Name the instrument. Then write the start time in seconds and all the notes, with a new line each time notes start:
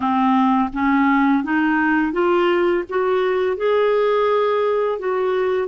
clarinet
0.00 C4
0.73 C#4
1.43 D#4
2.12 F4
2.89 F#4
3.56 G#4
4.98 F#4